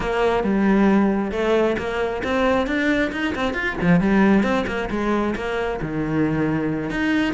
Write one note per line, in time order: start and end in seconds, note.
0.00 0.43 A#3
0.43 1.31 G3
1.31 1.76 A3
1.78 2.22 A#3
2.23 2.66 C4
2.66 3.11 D4
3.12 3.34 D#4
3.35 3.54 C4
3.54 3.76 F4
3.81 4.00 F3
4.00 4.43 G3
4.43 4.65 C4
4.66 4.89 A#3
4.90 5.34 G#3
5.35 5.80 A#3
5.81 6.90 D#3
6.90 7.33 D#4